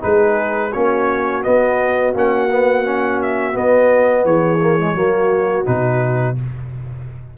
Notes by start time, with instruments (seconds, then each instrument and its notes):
0.00 tuba G#3, trombone D#4, horn G#4, trumpet B4
0.70 tuba A#3, trombone C#4, horn F#4, trumpet C#5
1.43 trombone B3, tuba B3, trumpet D#5
2.14 tuba A#3, trombone C#4, trumpet F#5
2.50 trombone B3
2.85 trombone C#4
3.22 trumpet E5
3.53 trombone B3, tuba B3, trumpet D#5
4.25 tuba E3, horn G#4, trumpet C#5
4.62 trombone A#3
4.79 trombone G#3
4.94 tuba F#3, trombone A#3, horn F#4
5.65 tuba B2, trombone D#4, trumpet B4